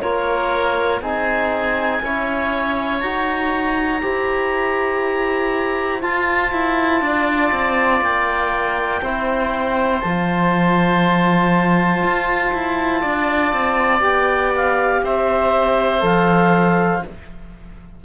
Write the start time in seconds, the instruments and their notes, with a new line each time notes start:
0.00 cello A#3, trombone F4, oboe A#4, clarinet C#5
1.01 cello C4, trombone D#4, oboe G#4, clarinet G#5
2.02 cello C#4, trombone E4, oboe C#5
3.00 cello D#4, trombone F#4, clarinet A#5
4.01 cello E4, trombone G4, oboe C5
6.01 trombone F4, cello F4, clarinet A5
6.52 cello E4
7.01 cello D4, oboe D5
7.52 cello C4
8.01 cello A#3, clarinet G5
9.01 cello C4, trombone E4, oboe C5
10.00 cello F3, trombone F4, clarinet A5
12.03 cello F4
12.53 cello E4
13.01 cello D4, oboe D5
13.53 cello C4
14.00 cello B3, trombone G4, clarinet G5
14.56 clarinet F5
15.03 cello C4, oboe C5, clarinet E5
16.00 cello F3, trombone A4, clarinet F5